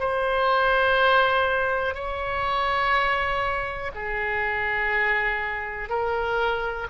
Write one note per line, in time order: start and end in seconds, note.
0.00 1.94 C5
1.94 3.91 C#5
3.95 5.89 G#4
5.89 6.88 A#4